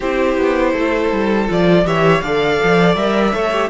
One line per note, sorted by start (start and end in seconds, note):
0.00 0.37 C4
0.00 1.48 E4
0.00 0.73 G4
0.00 1.49 C5
0.37 0.74 B3
0.73 1.11 A3
0.73 1.84 A4
1.11 1.48 G3
1.48 1.84 F3
1.48 1.85 F4
1.48 1.86 D5
1.84 2.21 E3
1.84 2.22 G4
1.84 2.22 C#5
1.84 2.21 E5
2.21 2.59 D3
2.21 2.96 A4
2.21 3.33 D5
2.21 2.95 F5
2.63 2.95 F3
2.95 3.32 G3
2.95 3.33 A#4
2.95 3.69 E5
3.33 3.69 A3
3.33 3.51 A4
3.33 3.69 C#5
3.52 3.69 G4